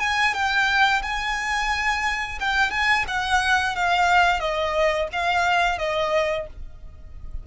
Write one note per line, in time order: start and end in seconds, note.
0.00 0.34 G#5
0.34 1.02 G5
1.03 2.39 G#5
2.40 2.71 G5
2.71 3.05 G#5
3.08 3.76 F#5
3.76 4.40 F5
4.40 5.09 D#5
5.12 5.79 F5
5.79 6.47 D#5